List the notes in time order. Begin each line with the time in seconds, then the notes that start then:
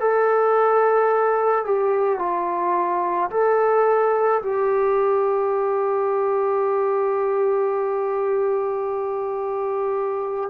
0.00 A4
1.65 G4
2.19 F4
3.30 A4
4.42 G4